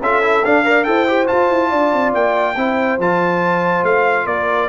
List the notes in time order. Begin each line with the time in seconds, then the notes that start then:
0.00 C#4 F4 A4 E5
0.23 E4
0.44 D4 F5
0.64 A#4 D5
0.84 E4 A4 C5 G5
1.08 G4
1.27 F4 A5
1.50 E4
1.70 D4 D5
1.93 C4
2.14 A#3 G5
2.56 C4 E4 C5
2.99 F3 F4 A5
3.83 A3 F5
4.26 A#3 A#4 D5